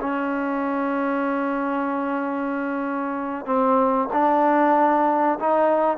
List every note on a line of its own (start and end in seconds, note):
0.00 3.45 C#4
3.45 4.09 C4
4.12 5.39 D4
5.39 5.97 D#4